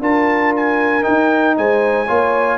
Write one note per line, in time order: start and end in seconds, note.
0.00 1.03 D4
0.00 1.02 F4
0.00 1.56 A#4
0.00 0.54 A5
0.56 1.03 G#5
1.02 2.06 D#4
1.02 1.57 D#4
1.02 1.55 G5
1.57 2.09 G#3
1.57 2.06 C5
1.57 2.58 G#5
2.06 2.58 A#3
2.06 2.58 F4
2.06 2.58 C#5